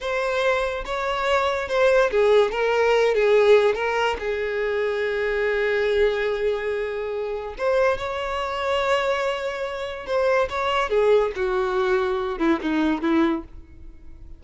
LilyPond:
\new Staff \with { instrumentName = "violin" } { \time 4/4 \tempo 4 = 143 c''2 cis''2 | c''4 gis'4 ais'4. gis'8~ | gis'4 ais'4 gis'2~ | gis'1~ |
gis'2 c''4 cis''4~ | cis''1 | c''4 cis''4 gis'4 fis'4~ | fis'4. e'8 dis'4 e'4 | }